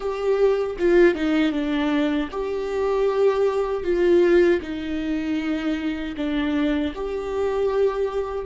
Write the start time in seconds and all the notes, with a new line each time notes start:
0.00 G4
0.78 F4
1.15 D#4
1.51 D4
2.31 G4
3.83 F4
4.61 D#4
6.16 D4
6.94 G4